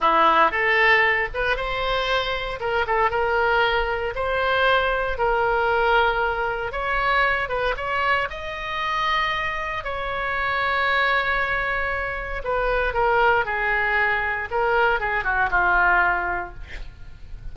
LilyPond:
\new Staff \with { instrumentName = "oboe" } { \time 4/4 \tempo 4 = 116 e'4 a'4. b'8 c''4~ | c''4 ais'8 a'8 ais'2 | c''2 ais'2~ | ais'4 cis''4. b'8 cis''4 |
dis''2. cis''4~ | cis''1 | b'4 ais'4 gis'2 | ais'4 gis'8 fis'8 f'2 | }